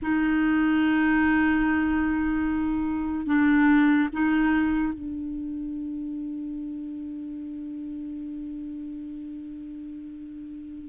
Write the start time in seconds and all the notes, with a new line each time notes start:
0.01 D#4
3.26 D4
4.12 D#4
4.93 D4